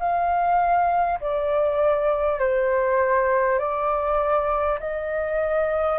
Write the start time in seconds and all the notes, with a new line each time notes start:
0.00 F5
1.21 D5
2.39 C5
3.59 D5
4.80 D#5